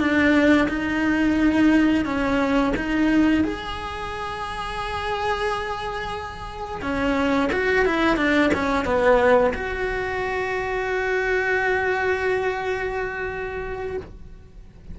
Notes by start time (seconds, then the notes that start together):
0.00 D4
0.69 D#4
2.05 C#4
2.76 D#4
3.45 G#4
6.82 C#4
7.53 F#4
7.86 E4
8.17 D4
8.54 C#4
8.85 B3
9.54 F#4